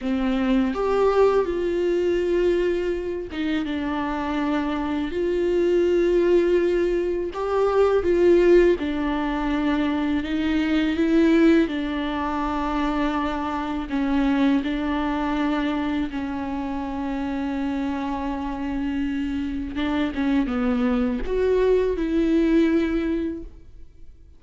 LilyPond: \new Staff \with { instrumentName = "viola" } { \time 4/4 \tempo 4 = 82 c'4 g'4 f'2~ | f'8 dis'8 d'2 f'4~ | f'2 g'4 f'4 | d'2 dis'4 e'4 |
d'2. cis'4 | d'2 cis'2~ | cis'2. d'8 cis'8 | b4 fis'4 e'2 | }